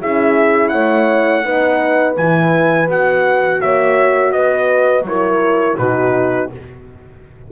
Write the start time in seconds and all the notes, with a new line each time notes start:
0.00 C#4 E4 G#4 E5
0.69 A3 C#5 F#5
1.43 B3 D#4 B4
2.17 E3 E4 G#5
2.87 B3 F#4 F#5
3.61 A#3 C#5 E5
4.32 B3 B4 D#5
5.02 F#3 E4 C#5
5.09 A#4
5.78 B2 D#4 F#4 B4